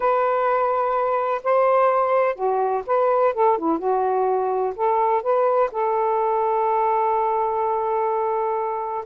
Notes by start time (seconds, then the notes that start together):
0.00 B4
1.43 C5
2.35 F#4
2.86 B4
3.34 A4
3.58 E4
3.78 F#4
4.75 A4
5.22 B4
5.71 A4